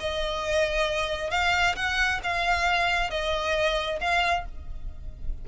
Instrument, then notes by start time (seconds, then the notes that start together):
violin
0.00 D#5
1.31 F5
1.76 F#5
2.24 F5
3.10 D#5
4.01 F5